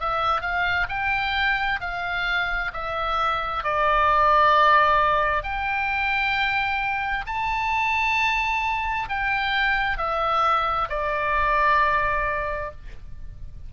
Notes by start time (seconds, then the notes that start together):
0.00 E5
0.41 F5
0.89 G5
1.81 F5
2.73 E5
3.64 D5
5.43 G5
7.26 A5
9.09 G5
9.98 E5
10.89 D5